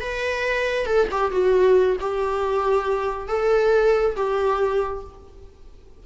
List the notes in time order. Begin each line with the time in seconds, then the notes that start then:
0.00 B4
0.86 A4
1.11 G4
1.31 F#4
2.00 G4
3.27 A4
4.16 G4